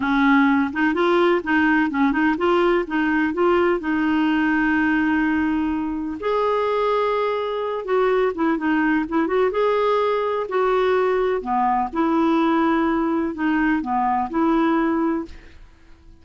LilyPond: \new Staff \with { instrumentName = "clarinet" } { \time 4/4 \tempo 4 = 126 cis'4. dis'8 f'4 dis'4 | cis'8 dis'8 f'4 dis'4 f'4 | dis'1~ | dis'4 gis'2.~ |
gis'8 fis'4 e'8 dis'4 e'8 fis'8 | gis'2 fis'2 | b4 e'2. | dis'4 b4 e'2 | }